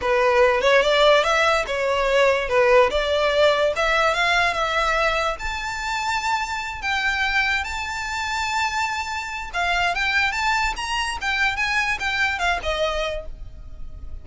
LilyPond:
\new Staff \with { instrumentName = "violin" } { \time 4/4 \tempo 4 = 145 b'4. cis''8 d''4 e''4 | cis''2 b'4 d''4~ | d''4 e''4 f''4 e''4~ | e''4 a''2.~ |
a''8 g''2 a''4.~ | a''2. f''4 | g''4 a''4 ais''4 g''4 | gis''4 g''4 f''8 dis''4. | }